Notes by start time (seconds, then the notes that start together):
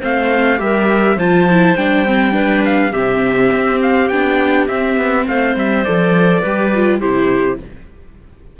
0.00 A3 C4 C5 F5
0.57 G3 G4 A#4 E5
1.16 F3 F4 C5 A5
1.51 E4
1.76 G3 D4 G5
2.06 C4
2.32 D4 B4
2.65 F5
2.92 C3 C4 G4 E5
3.52 C4
3.83 F5
4.09 B3 D4 G5
4.68 C4 E5
4.97 B3
5.27 A3 C5 F5
5.56 G3 E5
5.85 F3 A4 D5
6.40 G3 G4 B4
6.75 F4
6.99 C3 E4 G4 C5